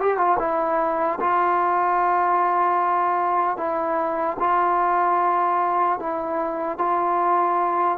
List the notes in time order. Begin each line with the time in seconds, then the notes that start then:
0.00 G4
0.17 F4
0.39 E4
1.20 F4
3.57 E4
4.40 F4
6.00 E4
6.79 F4